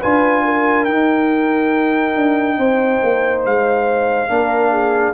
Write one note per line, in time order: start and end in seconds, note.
0.00 0.88 D4
0.00 0.87 F4
0.00 0.43 B4
0.00 0.84 G#5
0.45 2.57 A#4
0.84 4.28 D#4
0.84 2.16 D#4
0.84 3.41 G5
2.16 2.58 D4
2.57 3.01 C4
2.57 4.29 C5
3.02 3.45 A#3
3.45 4.29 G#3
3.45 5.14 F5
4.28 5.14 A#3
4.28 5.14 D4
4.34 4.71 A#4
4.71 5.14 G#4